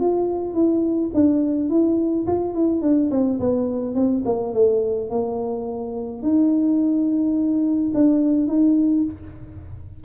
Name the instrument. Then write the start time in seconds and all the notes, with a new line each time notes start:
tuba
0.00 F4
0.54 E4
1.14 D4
1.70 E4
2.27 F4
2.54 E4
2.81 D4
3.11 C4
3.40 B3
3.95 C4
4.25 A#3
4.54 A3
5.10 A#3
6.22 D#4
7.94 D4
8.47 D#4